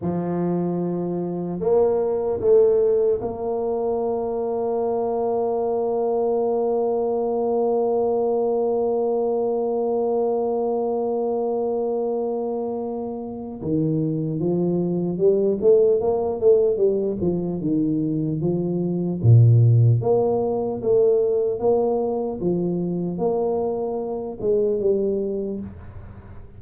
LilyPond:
\new Staff \with { instrumentName = "tuba" } { \time 4/4 \tempo 4 = 75 f2 ais4 a4 | ais1~ | ais1~ | ais1~ |
ais4 dis4 f4 g8 a8 | ais8 a8 g8 f8 dis4 f4 | ais,4 ais4 a4 ais4 | f4 ais4. gis8 g4 | }